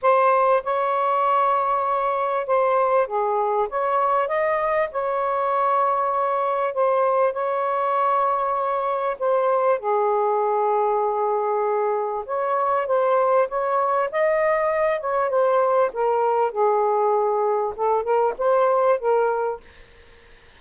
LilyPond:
\new Staff \with { instrumentName = "saxophone" } { \time 4/4 \tempo 4 = 98 c''4 cis''2. | c''4 gis'4 cis''4 dis''4 | cis''2. c''4 | cis''2. c''4 |
gis'1 | cis''4 c''4 cis''4 dis''4~ | dis''8 cis''8 c''4 ais'4 gis'4~ | gis'4 a'8 ais'8 c''4 ais'4 | }